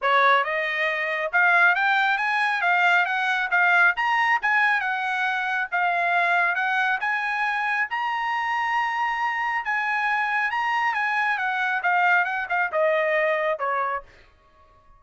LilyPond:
\new Staff \with { instrumentName = "trumpet" } { \time 4/4 \tempo 4 = 137 cis''4 dis''2 f''4 | g''4 gis''4 f''4 fis''4 | f''4 ais''4 gis''4 fis''4~ | fis''4 f''2 fis''4 |
gis''2 ais''2~ | ais''2 gis''2 | ais''4 gis''4 fis''4 f''4 | fis''8 f''8 dis''2 cis''4 | }